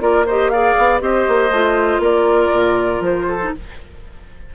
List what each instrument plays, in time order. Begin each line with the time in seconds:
0.00 bassoon A#3, clarinet F4, oboe A#4, flute D5
0.26 clarinet G4, oboe C5, flute D#5
0.50 clarinet G#4, oboe D5, flute F5
0.79 bassoon B3
1.01 bassoon C4, clarinet G4, oboe C5, flute D#5
1.29 bassoon A#3
1.51 bassoon A3, clarinet F4
1.99 bassoon A#3, oboe A#4, flute D5
2.53 bassoon A#2
3.01 bassoon F3, flute C5
3.28 oboe A4
3.42 clarinet D#4